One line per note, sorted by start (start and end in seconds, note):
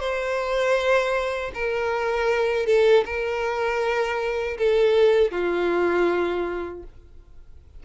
0.00 1.52 C5
1.55 2.67 A#4
2.67 3.05 A4
3.06 4.58 A#4
4.58 5.32 A4
5.32 6.84 F4